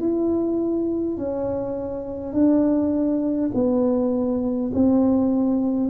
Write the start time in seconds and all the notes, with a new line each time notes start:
0.00 E4
1.17 C#4
2.33 D4
3.54 B3
4.74 C4